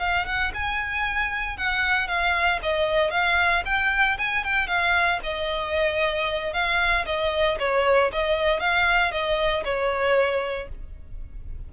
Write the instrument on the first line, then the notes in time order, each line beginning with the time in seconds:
violin
0.00 F5
0.26 F#5
0.54 G#5
1.58 F#5
2.08 F5
2.63 D#5
3.11 F5
3.66 G5
4.18 G#5
4.44 G5
4.68 F5
5.24 D#5
6.53 F5
7.06 D#5
7.59 C#5
8.13 D#5
8.60 F5
9.12 D#5
9.65 C#5